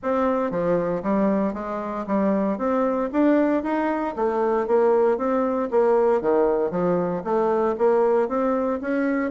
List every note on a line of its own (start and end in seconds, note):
0.03 0.50 C4
0.50 1.02 F3
1.03 1.53 G3
1.53 2.05 G#3
2.06 2.57 G3
2.57 3.09 C4
3.12 3.63 D4
3.63 4.14 D#4
4.15 4.67 A3
4.67 5.17 A#3
5.17 5.69 C4
5.70 6.21 A#3
6.21 6.71 D#3
6.71 7.22 F3
7.23 7.75 A3
7.78 8.28 A#3
8.28 8.80 C4
8.81 9.30 C#4